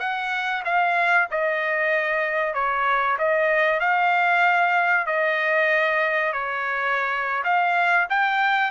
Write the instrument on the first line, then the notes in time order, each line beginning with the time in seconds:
trumpet
0.00 F#5
0.65 F5
1.31 D#5
2.54 C#5
3.19 D#5
3.80 F5
5.07 D#5
6.33 C#5
7.44 F5
8.10 G5